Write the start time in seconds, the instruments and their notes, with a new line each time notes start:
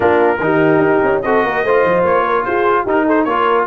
0.00 tuba A#3, trombone D4, horn F4, trumpet A#4
0.39 tuba D#3, trombone D#4, horn G4
0.78 tuba D#4
1.03 tuba C#4
1.22 tuba C4, trombone F#4, horn A4, trumpet D#5
1.44 tuba A#3, horn A#4
1.64 tuba A3, trombone F4, horn C5
1.83 tuba F3
2.03 tuba A#3, trumpet C#5
2.24 horn A#4
2.44 tuba F4, horn G#4, trumpet C5
2.83 tuba D#4, trombone D#4, horn G4, trumpet A#4
3.06 horn A4, trumpet C5
3.24 tuba A#3, trombone F4, horn A#4, trumpet C#5